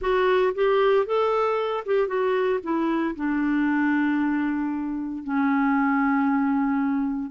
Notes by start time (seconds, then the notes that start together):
0.01 F#4
0.55 G4
1.06 A4
1.85 G4
2.07 F#4
2.63 E4
3.15 D4
5.23 C#4